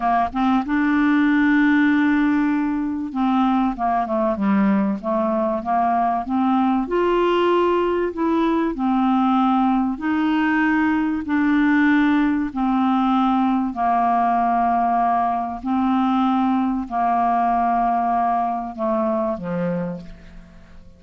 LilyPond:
\new Staff \with { instrumentName = "clarinet" } { \time 4/4 \tempo 4 = 96 ais8 c'8 d'2.~ | d'4 c'4 ais8 a8 g4 | a4 ais4 c'4 f'4~ | f'4 e'4 c'2 |
dis'2 d'2 | c'2 ais2~ | ais4 c'2 ais4~ | ais2 a4 f4 | }